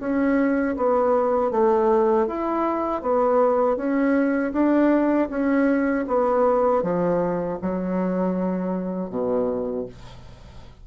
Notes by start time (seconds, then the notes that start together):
0.00 C#4
0.77 B3
1.51 A3
2.27 E4
3.02 B3
3.77 C#4
4.53 D4
5.30 C#4
6.08 B3
6.83 F3
7.62 F#3
9.10 B2